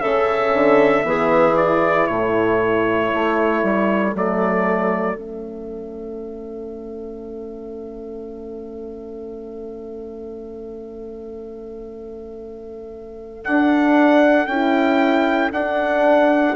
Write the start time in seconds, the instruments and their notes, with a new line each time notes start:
0.00 bassoon C#3, horn C#4, clarinet A4, trumpet E5
0.54 bassoon D3
1.05 bassoon E3, horn B3, clarinet G#4
1.55 horn E4, trumpet D5
2.07 bassoon A2, clarinet A4, trumpet C#5
3.14 bassoon A3
3.63 bassoon G3
4.15 bassoon F#3, horn A3, trumpet D5
5.17 bassoon A3, horn C#4, trumpet E5
13.45 horn D4, bassoon D4, trumpet F#5
14.47 bassoon C#4, horn E4, trumpet G5
15.52 horn D4, bassoon D4, trumpet F#5